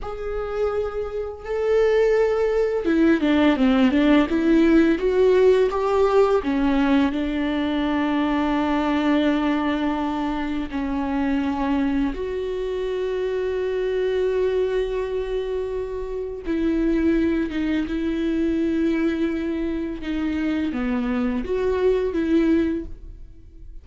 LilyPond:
\new Staff \with { instrumentName = "viola" } { \time 4/4 \tempo 4 = 84 gis'2 a'2 | e'8 d'8 c'8 d'8 e'4 fis'4 | g'4 cis'4 d'2~ | d'2. cis'4~ |
cis'4 fis'2.~ | fis'2. e'4~ | e'8 dis'8 e'2. | dis'4 b4 fis'4 e'4 | }